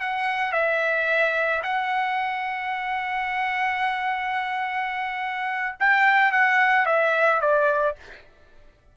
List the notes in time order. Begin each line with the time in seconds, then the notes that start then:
0.00 F#5
0.52 E5
1.63 F#5
5.80 G5
6.32 F#5
6.86 E5
7.41 D5